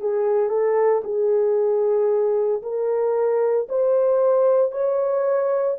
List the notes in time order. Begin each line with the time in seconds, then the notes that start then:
0.00 G#4
0.49 A4
1.04 G#4
2.62 A#4
3.68 C5
4.71 C#5